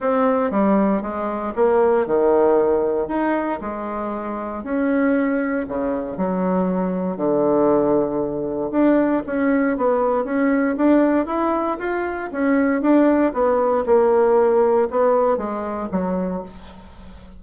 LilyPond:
\new Staff \with { instrumentName = "bassoon" } { \time 4/4 \tempo 4 = 117 c'4 g4 gis4 ais4 | dis2 dis'4 gis4~ | gis4 cis'2 cis4 | fis2 d2~ |
d4 d'4 cis'4 b4 | cis'4 d'4 e'4 f'4 | cis'4 d'4 b4 ais4~ | ais4 b4 gis4 fis4 | }